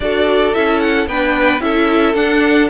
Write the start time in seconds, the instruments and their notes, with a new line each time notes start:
0.00 cello D4, viola F#4, violin A4 D5
0.54 cello C#4, viola E4, violin E5
0.80 violin F#5
1.06 cello B3, viola D4, violin B4 G5
1.60 cello C#4, viola E4, violin A4 E5
2.14 cello D4, viola D4, violin F#5